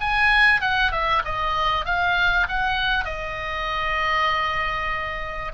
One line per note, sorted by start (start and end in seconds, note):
0.00 0.60 G#5
0.60 0.91 F#5
0.91 1.22 E5
1.25 1.85 D#5
1.85 2.47 F5
2.48 3.04 F#5
3.04 5.52 D#5